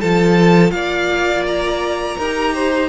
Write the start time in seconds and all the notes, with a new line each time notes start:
0.00 F3 F4 A4 A5
0.70 A#3 D5 F5
1.46 A#5
2.17 D#4 G4 A#4
2.53 C5